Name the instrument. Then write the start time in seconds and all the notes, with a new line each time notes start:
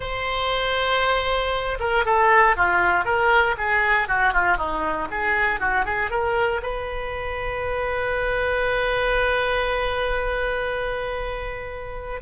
oboe
0.00 C5
1.79 A#4
2.05 A4
2.56 F4
3.04 A#4
3.57 G#4
4.08 F#4
4.33 F4
4.57 D#4
5.11 G#4
5.60 F#4
5.85 G#4
6.10 A#4
6.62 B4